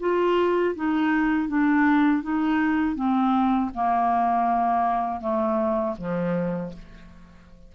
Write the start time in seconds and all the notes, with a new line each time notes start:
0.00 F4
0.76 D#4
1.49 D4
2.23 D#4
2.96 C4
3.74 A#3
5.21 A3
5.98 F3